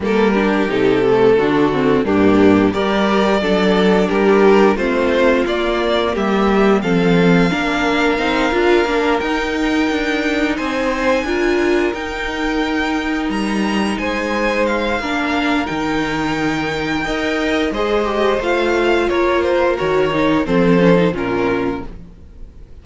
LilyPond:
<<
  \new Staff \with { instrumentName = "violin" } { \time 4/4 \tempo 4 = 88 ais'4 a'2 g'4 | d''2 ais'4 c''4 | d''4 e''4 f''2~ | f''4. g''2 gis''8~ |
gis''4. g''2 ais''8~ | ais''8 gis''4 f''4. g''4~ | g''2 dis''4 f''4 | cis''8 c''8 cis''4 c''4 ais'4 | }
  \new Staff \with { instrumentName = "violin" } { \time 4/4 a'8 g'4. fis'4 d'4 | ais'4 a'4 g'4 f'4~ | f'4 g'4 a'4 ais'4~ | ais'2.~ ais'8 c''8~ |
c''8 ais'2.~ ais'8~ | ais'8 c''4. ais'2~ | ais'4 dis''4 c''2 | ais'2 a'4 f'4 | }
  \new Staff \with { instrumentName = "viola" } { \time 4/4 ais8 d'8 dis'8 a8 d'8 c'8 ais4 | g'4 d'2 c'4 | ais2 c'4 d'4 | dis'8 f'8 d'8 dis'2~ dis'8~ |
dis'8 f'4 dis'2~ dis'8~ | dis'2 d'4 dis'4~ | dis'4 ais'4 gis'8 g'8 f'4~ | f'4 fis'8 dis'8 c'8 cis'16 dis'16 cis'4 | }
  \new Staff \with { instrumentName = "cello" } { \time 4/4 g4 c4 d4 g,4 | g4 fis4 g4 a4 | ais4 g4 f4 ais4 | c'8 d'8 ais8 dis'4 d'4 c'8~ |
c'8 d'4 dis'2 g8~ | g8 gis4. ais4 dis4~ | dis4 dis'4 gis4 a4 | ais4 dis4 f4 ais,4 | }
>>